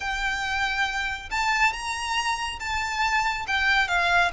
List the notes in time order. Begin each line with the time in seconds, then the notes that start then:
0.00 G5
1.31 A5
1.73 A#5
2.59 A5
3.47 G5
3.88 F5